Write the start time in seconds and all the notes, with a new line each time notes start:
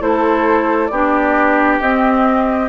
0.00 A3 E4 A4 C5
0.87 B3 G4 D5
0.94 D4
1.80 C4 D#5